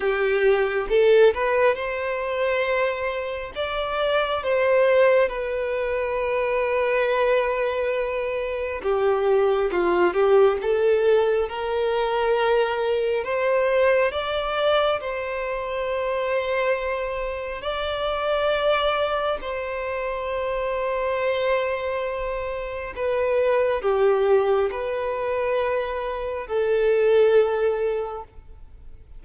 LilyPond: \new Staff \with { instrumentName = "violin" } { \time 4/4 \tempo 4 = 68 g'4 a'8 b'8 c''2 | d''4 c''4 b'2~ | b'2 g'4 f'8 g'8 | a'4 ais'2 c''4 |
d''4 c''2. | d''2 c''2~ | c''2 b'4 g'4 | b'2 a'2 | }